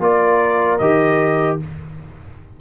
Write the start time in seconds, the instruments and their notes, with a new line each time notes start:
0.00 tuba A#3, trombone F4, horn A#4, trumpet D5
0.79 tuba D#3, trombone G4, trumpet D#5